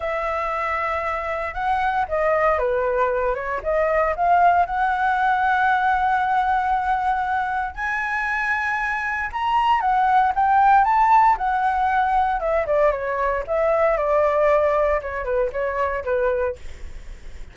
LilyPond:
\new Staff \with { instrumentName = "flute" } { \time 4/4 \tempo 4 = 116 e''2. fis''4 | dis''4 b'4. cis''8 dis''4 | f''4 fis''2.~ | fis''2. gis''4~ |
gis''2 ais''4 fis''4 | g''4 a''4 fis''2 | e''8 d''8 cis''4 e''4 d''4~ | d''4 cis''8 b'8 cis''4 b'4 | }